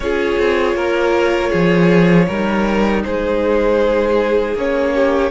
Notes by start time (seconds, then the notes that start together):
0.00 C#4 F4 G#4 C#5
0.38 C4
0.73 A#3 A#4
1.49 F3 G#4
2.27 G3 D#4 A#4
3.03 G#3 G#4 C5
4.55 A#3 C#4 C#5
4.94 G4